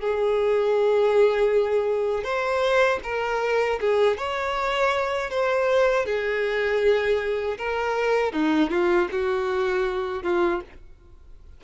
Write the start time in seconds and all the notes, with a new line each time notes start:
0.00 G#4
2.23 C5
3.03 A#4
3.80 G#4
4.17 C#5
5.30 C5
6.05 G#4
7.57 A#4
8.32 D#4
8.70 F4
9.11 F#4
10.23 F4